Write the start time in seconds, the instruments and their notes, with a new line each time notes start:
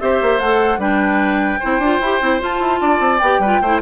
0.00 bassoon C4, clarinet G4, oboe C5, flute E5
0.22 bassoon A#3
0.40 bassoon A3, clarinet A4, flute F#5
0.78 bassoon G3, clarinet D4, oboe B4, flute G5
1.60 bassoon C4, clarinet E4, oboe C5
1.79 bassoon D4, clarinet F4
2.01 bassoon E4, clarinet G4
2.21 bassoon C4, clarinet E4
2.40 clarinet F4, bassoon F4, flute A5
2.60 bassoon E4
2.81 bassoon D4, oboe D5
3.00 bassoon C4
3.19 bassoon B3, clarinet G4, flute G5
3.39 bassoon G3, clarinet F4, oboe B4
3.62 bassoon A3, clarinet E4, oboe C5